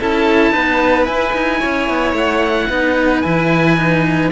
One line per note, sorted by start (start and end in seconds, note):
0.00 0.52 C#4
0.00 0.55 E4
0.00 0.52 A4
0.00 1.06 A5
0.52 1.08 B3
0.52 1.06 D#4
0.52 1.60 B4
1.06 1.33 E4
1.06 2.70 E4
1.06 2.15 G#5
1.33 1.60 D#4
1.60 1.90 C#4
1.60 2.68 C#5
1.90 2.13 B3
2.13 2.67 A3
2.13 3.22 F#5
2.69 3.24 B3
2.69 3.24 D#4
2.69 4.31 B4
3.22 4.32 E3
3.22 3.77 E4
3.22 4.30 G#5
3.77 4.31 D#4